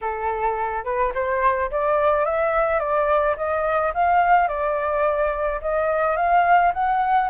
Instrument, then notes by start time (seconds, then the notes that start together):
flute
0.01 A4
0.84 B4
1.14 C5
1.70 D5
2.25 E5
2.79 D5
3.36 D#5
3.94 F5
4.48 D5
5.61 D#5
6.16 F5
6.73 F#5